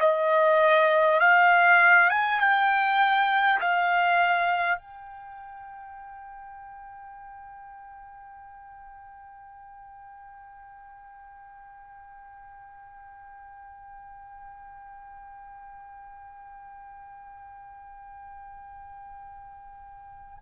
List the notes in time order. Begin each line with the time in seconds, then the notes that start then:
0.00 D#5
1.20 F5
2.10 G#5
2.40 G5
3.61 F5
4.78 G5